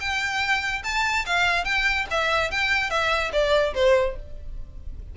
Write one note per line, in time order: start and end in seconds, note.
0.00 0.83 G5
0.84 1.26 A5
1.26 1.65 F5
1.65 2.07 G5
2.11 2.51 E5
2.51 2.90 G5
2.90 3.32 E5
3.33 3.74 D5
3.75 4.16 C5